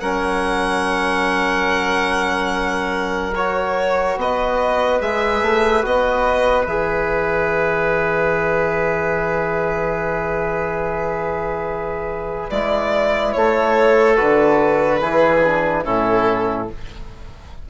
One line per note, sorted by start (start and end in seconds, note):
0.00 4.16 F#3
0.00 3.34 C#4
0.00 4.18 A#4
0.00 3.33 F#5
3.35 5.01 F#4
3.35 4.18 C#5
4.16 5.00 B3
4.16 13.36 B4
4.16 5.01 D#5
5.01 5.41 G#3
5.01 5.82 G#4
5.01 5.85 E5
5.41 5.83 A3
5.82 6.66 B3
5.82 6.66 F#4
5.82 6.66 D#5
6.66 12.49 E3
6.66 12.51 G#4
6.66 12.49 E5
12.50 13.35 G#3
12.50 14.16 E4
12.50 13.33 D5
13.33 14.19 A3
13.33 15.01 A4
13.33 14.16 C#5
14.16 15.01 D3
14.16 14.99 F#4
14.16 15.83 B4
14.99 15.84 E3
14.99 15.41 E4
14.99 15.84 G#4
15.45 15.84 D4
15.84 16.69 A2
15.84 16.67 C#4
15.84 16.67 E4
15.84 16.68 A4